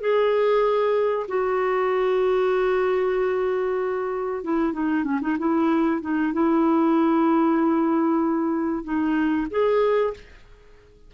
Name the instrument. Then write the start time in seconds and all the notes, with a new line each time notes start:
clarinet
0.00 G#4
1.27 F#4
4.43 E4
4.73 D#4
5.04 C#4
5.21 D#4
5.38 E4
6.01 D#4
6.32 E4
8.84 D#4
9.50 G#4